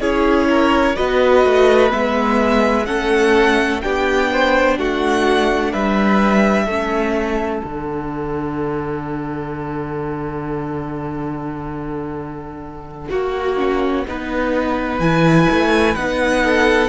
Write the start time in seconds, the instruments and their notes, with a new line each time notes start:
0.00 cello C#4, viola E4, violin G#4 C#5
0.49 violin A#4
0.95 cello B3, viola F#4, violin B4 D#5
1.45 cello A3
1.90 cello G#3, viola B3, violin E5
2.85 cello A3, viola C#4, violin A4 F#5
3.81 cello B3, viola D4, violin G4 G5
4.31 violin C5
4.78 cello A3, violin F#4 F#5
5.72 cello G3, violin B4 E5
6.64 cello A3, viola C#4, violin A4
7.62 cello D3, viola D4, violin F#5
13.10 cello A#3, viola F#4, violin F#4
13.57 viola C#4
14.07 cello B3, viola D#4, violin B4
15.00 cello E3, viola E4, violin G#5
15.51 cello A3
15.95 cello B3, viola D#4, violin F#5
16.43 violin A4